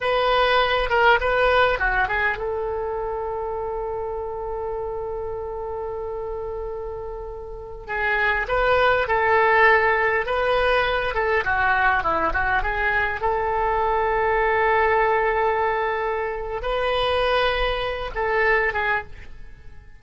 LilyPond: \new Staff \with { instrumentName = "oboe" } { \time 4/4 \tempo 4 = 101 b'4. ais'8 b'4 fis'8 gis'8 | a'1~ | a'1~ | a'4~ a'16 gis'4 b'4 a'8.~ |
a'4~ a'16 b'4. a'8 fis'8.~ | fis'16 e'8 fis'8 gis'4 a'4.~ a'16~ | a'1 | b'2~ b'8 a'4 gis'8 | }